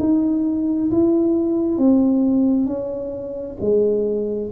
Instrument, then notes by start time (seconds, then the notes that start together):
tuba
0.00 D#4
0.92 E4
1.79 C4
2.67 C#4
3.61 G#3